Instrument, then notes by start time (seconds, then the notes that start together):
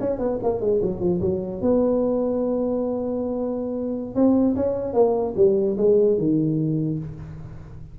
tuba
0.00 C#4
0.18 B3
0.43 A#3
0.61 G#3
0.82 F#3
1.00 F3
1.21 F#3
1.61 B3
4.15 C4
4.56 C#4
4.93 A#3
5.36 G3
5.77 G#3
6.18 D#3